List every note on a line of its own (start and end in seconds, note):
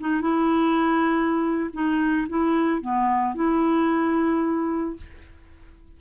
0.00 0.21 D#4
0.21 1.70 E4
1.73 2.27 D#4
2.29 2.81 E4
2.81 3.35 B3
3.35 4.97 E4